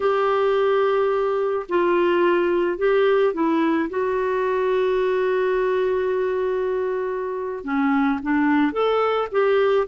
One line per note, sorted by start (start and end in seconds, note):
0.00 1.66 G4
1.68 2.78 F4
2.78 3.33 G4
3.33 3.89 E4
3.89 7.64 F#4
7.64 8.19 C#4
8.22 8.72 D4
8.72 9.28 A4
9.31 9.87 G4